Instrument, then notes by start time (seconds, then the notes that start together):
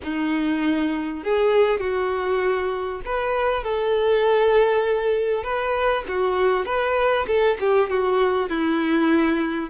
violin
0.03 D#4
1.23 G#4
1.80 F#4
3.05 B4
3.63 A4
5.43 B4
6.08 F#4
6.65 B4
7.27 A4
7.60 G4
7.89 F#4
8.48 E4